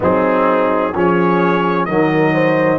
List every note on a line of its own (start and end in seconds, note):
0.00 0.94 F#3
0.00 0.93 C4
0.00 0.92 D#4
0.00 0.96 G#4
0.93 1.88 F3
0.93 1.88 C#4
0.93 1.86 G#4
0.93 1.85 C#5
1.85 2.79 D#3
1.85 2.79 F#3
1.85 2.33 A#4
1.85 2.79 D#5
2.33 2.79 C5